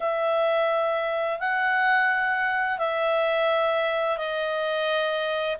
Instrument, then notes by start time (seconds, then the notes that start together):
clarinet
0.00 E5
1.39 F#5
2.78 E5
4.17 D#5